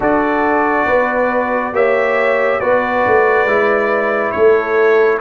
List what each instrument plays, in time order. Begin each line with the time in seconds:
0.00 tuba D4, trombone F#4, horn A4, trumpet D5
0.86 tuba B3, horn B4
1.72 tuba A#3, trombone G4, horn C#5, trumpet E5
2.60 tuba B3, trombone F#4, horn B4, trumpet D5
3.07 tuba A3
3.45 tuba G#3, trombone E4
4.31 tuba A3, horn A4, trumpet C#5